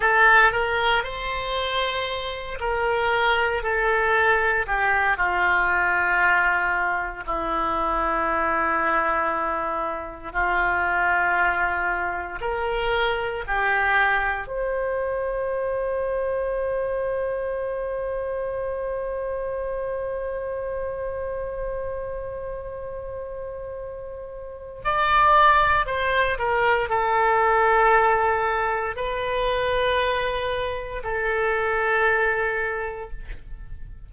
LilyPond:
\new Staff \with { instrumentName = "oboe" } { \time 4/4 \tempo 4 = 58 a'8 ais'8 c''4. ais'4 a'8~ | a'8 g'8 f'2 e'4~ | e'2 f'2 | ais'4 g'4 c''2~ |
c''1~ | c''1 | d''4 c''8 ais'8 a'2 | b'2 a'2 | }